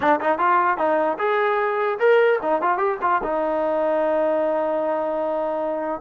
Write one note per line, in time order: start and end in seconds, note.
0.00 0.19 D4
0.20 0.38 D#4
0.38 0.77 F4
0.77 1.17 D#4
1.18 1.98 G#4
1.99 2.39 A#4
2.41 2.61 D#4
2.61 2.77 F4
2.77 2.97 G4
3.01 3.21 F4
3.23 6.00 D#4